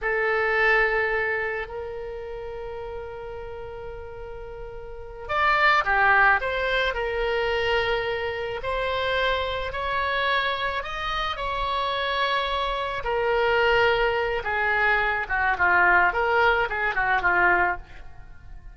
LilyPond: \new Staff \with { instrumentName = "oboe" } { \time 4/4 \tempo 4 = 108 a'2. ais'4~ | ais'1~ | ais'4. d''4 g'4 c''8~ | c''8 ais'2. c''8~ |
c''4. cis''2 dis''8~ | dis''8 cis''2. ais'8~ | ais'2 gis'4. fis'8 | f'4 ais'4 gis'8 fis'8 f'4 | }